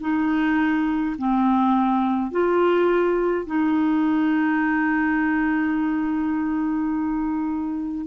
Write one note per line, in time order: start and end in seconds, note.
0.00 1.15 D#4
1.17 2.31 C4
2.31 3.46 F4
3.46 8.06 D#4